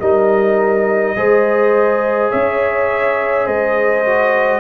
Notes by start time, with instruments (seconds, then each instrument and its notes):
0.00 tuba G3, trombone D#4, horn A#4, trumpet D#5
1.16 tuba G#3, trombone G#4, horn C5
2.30 tuba C#4, horn C#5, trumpet E5
3.45 tuba G#3, horn C5, trumpet D#5
4.05 trombone F#4